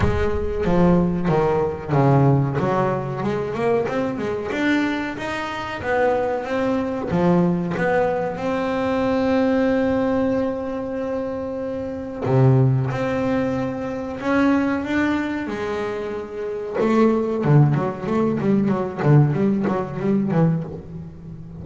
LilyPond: \new Staff \with { instrumentName = "double bass" } { \time 4/4 \tempo 4 = 93 gis4 f4 dis4 cis4 | fis4 gis8 ais8 c'8 gis8 d'4 | dis'4 b4 c'4 f4 | b4 c'2.~ |
c'2. c4 | c'2 cis'4 d'4 | gis2 a4 d8 fis8 | a8 g8 fis8 d8 g8 fis8 g8 e8 | }